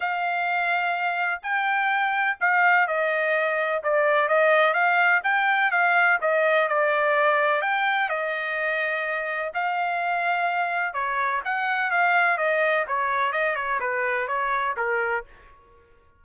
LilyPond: \new Staff \with { instrumentName = "trumpet" } { \time 4/4 \tempo 4 = 126 f''2. g''4~ | g''4 f''4 dis''2 | d''4 dis''4 f''4 g''4 | f''4 dis''4 d''2 |
g''4 dis''2. | f''2. cis''4 | fis''4 f''4 dis''4 cis''4 | dis''8 cis''8 b'4 cis''4 ais'4 | }